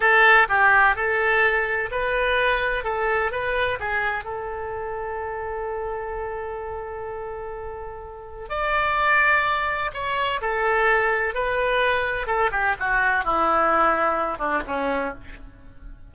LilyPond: \new Staff \with { instrumentName = "oboe" } { \time 4/4 \tempo 4 = 127 a'4 g'4 a'2 | b'2 a'4 b'4 | gis'4 a'2.~ | a'1~ |
a'2 d''2~ | d''4 cis''4 a'2 | b'2 a'8 g'8 fis'4 | e'2~ e'8 d'8 cis'4 | }